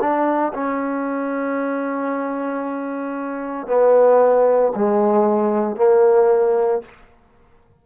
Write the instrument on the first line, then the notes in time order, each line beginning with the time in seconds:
trombone
0.00 D4
0.54 C#4
3.67 B3
4.75 G#3
5.76 A#3